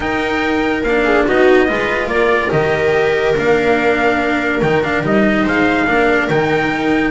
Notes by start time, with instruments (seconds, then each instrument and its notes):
0.00 cello D#4, double bass D#4, viola A#4, trumpet G5
0.82 double bass A#3, cello D4, trumpet F5
1.04 viola G#4
1.24 double bass B3, cello D#4, viola F#4, trumpet D#5
1.68 double bass G#3, cello F4, viola B4
2.06 double bass A#3, viola A#4, trumpet D5
2.51 double bass D#3, cello G4, trumpet D#5
3.36 double bass A#3, cello D4, trumpet F5
4.62 double bass D#3, cello D#4, trumpet G5
4.83 cello D4, trumpet F5
5.03 double bass G3, cello D#4, trumpet D#5
5.43 double bass G#3, viola C5, trumpet F5
5.86 double bass A#3, cello D4, viola A#4
6.29 double bass D#3, cello D#4, trumpet G5